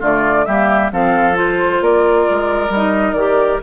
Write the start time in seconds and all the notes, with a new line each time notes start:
0.00 D3 A3 F4 D5
0.45 G3 A#3 G4 E5
0.92 F3 C4 A4 F5
1.34 F4 C5
1.81 A#3 A#4 D5
2.30 G#3
2.70 G3 D#5
2.76 D#4
3.13 D#3 G4 D5